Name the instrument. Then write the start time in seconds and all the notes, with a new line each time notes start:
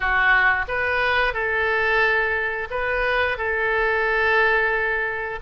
oboe
0.00 F#4
0.67 B4
1.33 A4
2.70 B4
3.37 A4